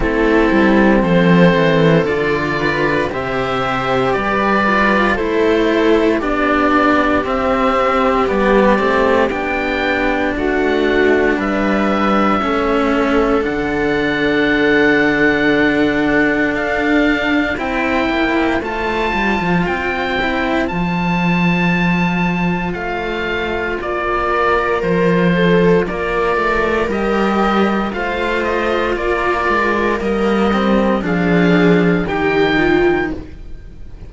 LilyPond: <<
  \new Staff \with { instrumentName = "oboe" } { \time 4/4 \tempo 4 = 58 a'4 c''4 d''4 e''4 | d''4 c''4 d''4 e''4 | d''4 g''4 fis''4 e''4~ | e''4 fis''2. |
f''4 g''4 a''4 g''4 | a''2 f''4 d''4 | c''4 d''4 dis''4 f''8 dis''8 | d''4 dis''4 f''4 g''4 | }
  \new Staff \with { instrumentName = "viola" } { \time 4/4 e'4 a'4. b'8 c''4 | b'4 a'4 g'2~ | g'2 fis'4 b'4 | a'1~ |
a'4 c''2.~ | c''2.~ c''8 ais'8~ | ais'8 a'8 ais'2 c''4 | ais'2 gis'4 g'8 f'8 | }
  \new Staff \with { instrumentName = "cello" } { \time 4/4 c'2 f'4 g'4~ | g'8 f'8 e'4 d'4 c'4 | b8 c'8 d'2. | cis'4 d'2.~ |
d'4 e'4 f'4. e'8 | f'1~ | f'2 g'4 f'4~ | f'4 ais8 c'8 d'4 dis'4 | }
  \new Staff \with { instrumentName = "cello" } { \time 4/4 a8 g8 f8 e8 d4 c4 | g4 a4 b4 c'4 | g8 a8 b4 a4 g4 | a4 d2. |
d'4 c'8 ais8 a8 g16 f16 c'4 | f2 a4 ais4 | f4 ais8 a8 g4 a4 | ais8 gis8 g4 f4 dis4 | }
>>